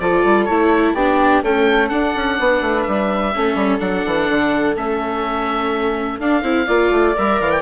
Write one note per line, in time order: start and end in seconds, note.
0.00 0.24 F3
0.00 0.50 F4
0.00 0.95 A4
0.00 0.45 D5
0.25 0.49 G3
0.45 0.94 A3
0.45 0.98 E4
0.45 0.93 C#5
0.94 1.42 B3
0.94 1.44 D4
0.94 1.43 G4
0.94 1.43 D5
1.44 1.90 A3
1.44 1.91 C#4
1.44 2.39 A4
1.44 1.89 G5
1.89 3.33 D4
1.89 2.15 D4
1.89 2.82 F#5
2.16 2.40 C#4
2.40 2.61 B3
2.40 3.34 B4
2.61 2.85 A3
2.82 3.36 G3
2.82 3.78 E5
3.34 3.55 A3
3.34 3.80 C#4
3.34 6.67 A4
3.55 3.79 G3
3.80 4.04 F#3
3.80 4.75 D4
3.80 4.76 F#5
4.06 4.29 E3
4.29 4.76 D3
4.76 6.19 A3
4.76 6.20 C#4
4.76 6.20 E5
6.19 6.43 D4
6.19 7.16 F5
6.43 6.67 C4
6.43 6.67 E4
6.67 6.91 A#3
6.67 7.16 F4
6.67 7.62 D5
6.91 7.15 A3
7.17 7.40 G3
7.17 7.62 A#4
7.17 7.41 E5
7.40 7.62 E3
7.40 7.51 F5
7.51 7.62 G5